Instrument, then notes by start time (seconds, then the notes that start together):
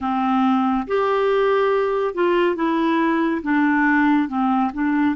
clarinet
0.00 C4
0.86 G4
2.14 F4
2.55 E4
3.42 D4
4.28 C4
4.73 D4